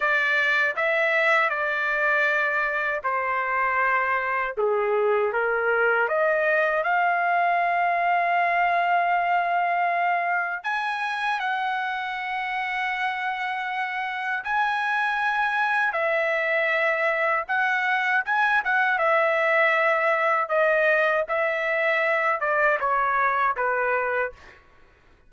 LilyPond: \new Staff \with { instrumentName = "trumpet" } { \time 4/4 \tempo 4 = 79 d''4 e''4 d''2 | c''2 gis'4 ais'4 | dis''4 f''2.~ | f''2 gis''4 fis''4~ |
fis''2. gis''4~ | gis''4 e''2 fis''4 | gis''8 fis''8 e''2 dis''4 | e''4. d''8 cis''4 b'4 | }